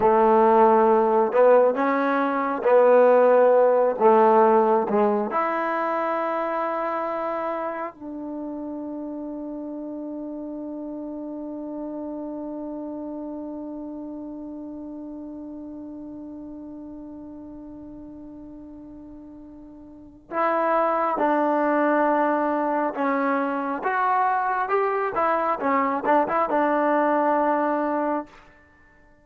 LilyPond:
\new Staff \with { instrumentName = "trombone" } { \time 4/4 \tempo 4 = 68 a4. b8 cis'4 b4~ | b8 a4 gis8 e'2~ | e'4 d'2.~ | d'1~ |
d'1~ | d'2. e'4 | d'2 cis'4 fis'4 | g'8 e'8 cis'8 d'16 e'16 d'2 | }